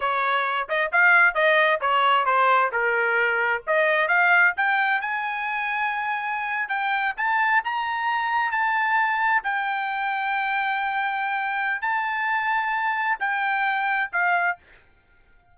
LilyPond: \new Staff \with { instrumentName = "trumpet" } { \time 4/4 \tempo 4 = 132 cis''4. dis''8 f''4 dis''4 | cis''4 c''4 ais'2 | dis''4 f''4 g''4 gis''4~ | gis''2~ gis''8. g''4 a''16~ |
a''8. ais''2 a''4~ a''16~ | a''8. g''2.~ g''16~ | g''2 a''2~ | a''4 g''2 f''4 | }